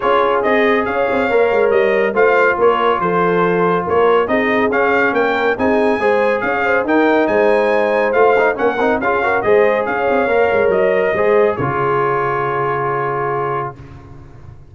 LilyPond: <<
  \new Staff \with { instrumentName = "trumpet" } { \time 4/4 \tempo 4 = 140 cis''4 dis''4 f''2 | dis''4 f''4 cis''4 c''4~ | c''4 cis''4 dis''4 f''4 | g''4 gis''2 f''4 |
g''4 gis''2 f''4 | fis''4 f''4 dis''4 f''4~ | f''4 dis''2 cis''4~ | cis''1 | }
  \new Staff \with { instrumentName = "horn" } { \time 4/4 gis'2 cis''2~ | cis''4 c''4 ais'4 a'4~ | a'4 ais'4 gis'2 | ais'4 gis'4 c''4 cis''8 c''8 |
ais'4 c''2. | ais'4 gis'8 ais'8 c''4 cis''4~ | cis''2 c''4 gis'4~ | gis'1 | }
  \new Staff \with { instrumentName = "trombone" } { \time 4/4 f'4 gis'2 ais'4~ | ais'4 f'2.~ | f'2 dis'4 cis'4~ | cis'4 dis'4 gis'2 |
dis'2. f'8 dis'8 | cis'8 dis'8 f'8 fis'8 gis'2 | ais'2 gis'4 f'4~ | f'1 | }
  \new Staff \with { instrumentName = "tuba" } { \time 4/4 cis'4 c'4 cis'8 c'8 ais8 gis8 | g4 a4 ais4 f4~ | f4 ais4 c'4 cis'4 | ais4 c'4 gis4 cis'4 |
dis'4 gis2 a4 | ais8 c'8 cis'4 gis4 cis'8 c'8 | ais8 gis8 fis4 gis4 cis4~ | cis1 | }
>>